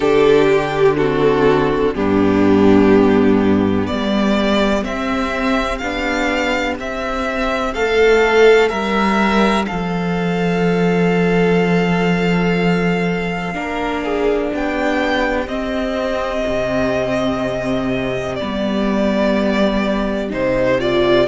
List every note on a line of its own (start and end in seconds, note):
0.00 1.94 D3
0.00 0.97 D4
0.00 0.96 G4
0.00 0.47 A4
0.52 0.97 G4
0.97 1.95 C4
0.97 1.94 F#4
0.97 1.94 A4
1.94 3.89 G2
1.94 4.84 B3
1.94 3.88 D4
1.94 3.86 G4
3.86 4.83 G3
3.86 7.74 G4
3.86 4.83 D5
4.83 5.80 C4
4.83 5.81 C4
4.83 5.77 E5
5.77 6.79 B3
5.77 6.79 D4
5.77 6.74 F5
6.79 7.74 C4
6.79 13.53 C4
6.79 7.74 E5
7.74 8.71 A3
7.74 8.69 A4
7.74 8.68 F5
8.68 9.68 G3
8.68 9.66 A#4
8.68 9.65 E5
9.65 13.54 F3
9.65 13.54 A4
9.65 14.49 F5
13.53 14.51 A#3
13.53 15.47 D4
13.53 14.03 A#4
14.03 14.51 G#4
14.51 15.47 B3
14.51 21.27 G4
14.51 15.48 G5
15.47 16.44 C4
15.47 18.38 C4
15.47 18.35 D#5
16.47 18.40 C3
18.35 20.32 G3
18.35 20.29 B3
18.35 20.29 D5
20.29 21.27 C3
20.29 20.78 D#4
20.29 20.80 C5
20.79 21.27 F4
20.79 21.27 D5